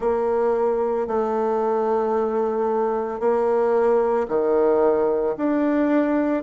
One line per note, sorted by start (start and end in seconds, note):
0.00 1.07 A#3
1.07 3.19 A3
3.19 4.27 A#3
4.28 5.35 D#3
5.37 6.43 D4